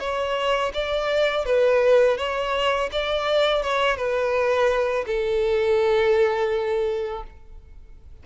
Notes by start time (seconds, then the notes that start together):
0.00 C#5
0.74 D5
1.46 B4
2.18 C#5
2.92 D5
3.63 C#5
3.97 B4
5.07 A4